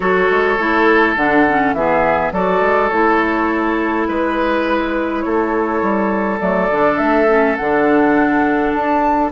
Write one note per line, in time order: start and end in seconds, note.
0.00 0.27 F#3
0.00 0.57 F#4
0.00 1.75 A4
0.00 1.15 C#5
0.31 0.57 G#3
0.57 1.15 A3
0.57 1.17 E4
1.15 1.73 D3
1.15 1.46 D4
1.15 1.73 F#5
1.48 1.76 C#4
1.73 2.31 E3
1.73 2.33 B3
1.73 2.33 G#4
1.73 2.31 E5
2.32 2.61 F#3
2.32 2.91 F#4
2.32 4.08 A4
2.32 2.89 D5
2.61 2.90 G#3
2.89 4.08 A3
2.89 6.40 E4
2.89 4.05 C#5
4.07 5.25 G#3
4.07 5.21 B4
4.07 5.24 B4
5.21 5.82 A3
5.21 9.31 A4
5.21 6.37 C#5
5.82 6.40 G3
6.40 6.69 F#3
6.40 6.69 A3
6.40 6.97 D5
6.71 6.99 D3
6.71 7.28 D4
6.97 7.57 A3
6.97 7.55 E5
7.28 7.57 C#4
7.56 8.74 D3
7.56 9.31 D4
7.56 8.72 F#5
8.73 9.31 D4
8.73 9.31 A5